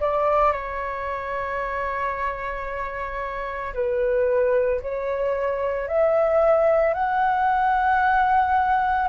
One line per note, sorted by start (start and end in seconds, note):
0.00 0.52 D5
0.52 3.74 C#5
3.74 4.81 B4
4.81 5.88 C#5
5.88 6.94 E5
6.94 9.08 F#5